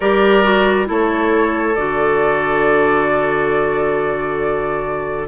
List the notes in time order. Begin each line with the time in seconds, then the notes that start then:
0.00 G3 G4 A#4 D5
0.43 F#4
0.86 A3 E4 A4 C#5
1.75 D3 F#4 D5